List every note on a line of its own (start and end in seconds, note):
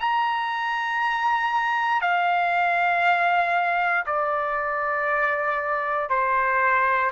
0.00 2.01 A#5
2.01 4.04 F5
4.06 6.10 D5
6.10 7.11 C5